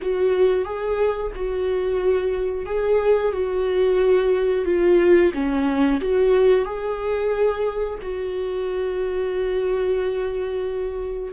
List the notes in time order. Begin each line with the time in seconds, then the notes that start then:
0.01 F#4
0.65 G#4
1.35 F#4
2.65 G#4
3.32 F#4
4.65 F4
5.33 C#4
6.01 F#4
6.65 G#4
8.02 F#4